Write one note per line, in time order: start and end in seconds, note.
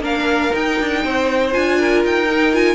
0.00 0.50 A#3
0.00 0.51 D4
0.00 1.03 A#4
0.00 0.55 F5
0.51 1.51 D#4
0.51 0.80 D#4
0.51 1.53 G5
0.80 1.05 D4
1.05 1.55 C4
1.05 1.79 C5
1.51 2.04 D4
1.51 2.26 F4
1.51 2.03 G#5
1.79 2.75 A#4
2.04 2.75 D#4
2.04 2.55 G5
2.31 2.52 D#4
2.52 2.75 F4
2.52 2.75 G#5